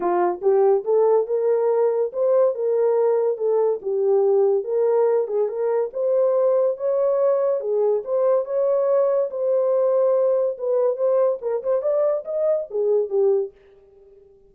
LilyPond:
\new Staff \with { instrumentName = "horn" } { \time 4/4 \tempo 4 = 142 f'4 g'4 a'4 ais'4~ | ais'4 c''4 ais'2 | a'4 g'2 ais'4~ | ais'8 gis'8 ais'4 c''2 |
cis''2 gis'4 c''4 | cis''2 c''2~ | c''4 b'4 c''4 ais'8 c''8 | d''4 dis''4 gis'4 g'4 | }